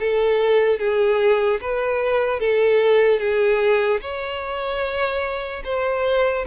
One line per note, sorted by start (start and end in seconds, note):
0.00 0.79 A4
0.79 1.60 G#4
1.61 2.40 B4
2.40 3.20 A4
3.20 4.01 G#4
4.01 5.64 C#5
5.65 6.46 C5